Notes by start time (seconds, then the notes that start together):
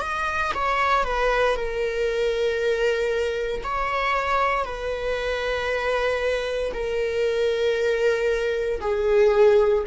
0.00 D#5
0.55 C#5
1.04 B4
1.56 A#4
3.64 C#5
4.65 B4
6.73 A#4
8.81 G#4